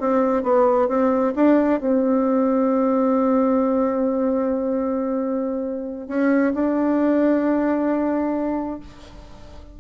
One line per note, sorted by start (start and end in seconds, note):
0.00 0.43 C4
0.43 0.88 B3
0.88 1.33 C4
1.35 1.80 D4
1.80 6.08 C4
6.08 6.53 C#4
6.54 8.80 D4